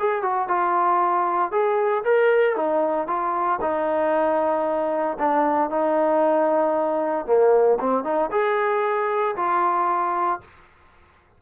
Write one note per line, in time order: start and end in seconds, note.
0.00 0.23 G#4
0.23 0.48 F#4
0.48 1.52 F4
1.52 2.04 G#4
2.05 2.56 A#4
2.56 3.07 D#4
3.07 3.60 F4
3.61 5.18 D#4
5.19 5.70 D4
5.70 7.26 D#4
7.26 7.79 A#3
7.80 8.04 C4
8.04 8.30 D#4
8.31 9.36 G#4
9.36 10.40 F4